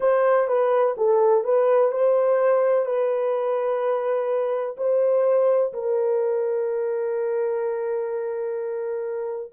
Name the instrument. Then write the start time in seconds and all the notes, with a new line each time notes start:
horn
0.00 C5
0.47 B4
0.97 A4
1.44 B4
1.91 C5
2.85 B4
4.77 C5
5.73 A#4